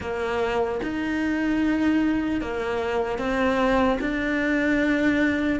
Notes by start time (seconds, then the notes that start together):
0.00 A#3
0.82 D#4
2.41 A#3
3.18 C4
4.00 D4